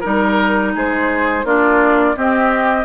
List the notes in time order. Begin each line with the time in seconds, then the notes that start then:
0.00 G3 D#4 A#4
0.75 G#3 G#4 C5
1.44 A#3 D4 F4 D5
2.15 C4 G4 D#5